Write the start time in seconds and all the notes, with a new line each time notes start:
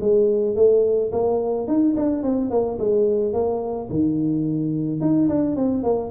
0.00 G#3
0.55 A3
1.11 A#3
1.67 D#4
1.96 D4
2.22 C4
2.50 A#3
2.78 G#3
3.33 A#3
3.89 D#3
5.00 D#4
5.28 D4
5.56 C4
5.83 A#3